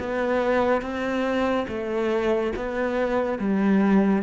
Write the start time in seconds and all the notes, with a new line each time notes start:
0.00 B3
0.82 C4
1.68 A3
2.56 B3
3.39 G3